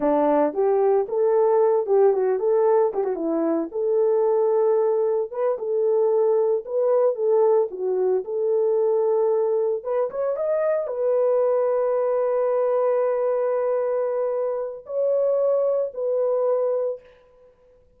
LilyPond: \new Staff \with { instrumentName = "horn" } { \time 4/4 \tempo 4 = 113 d'4 g'4 a'4. g'8 | fis'8 a'4 g'16 fis'16 e'4 a'4~ | a'2 b'8 a'4.~ | a'8 b'4 a'4 fis'4 a'8~ |
a'2~ a'8 b'8 cis''8 dis''8~ | dis''8 b'2.~ b'8~ | b'1 | cis''2 b'2 | }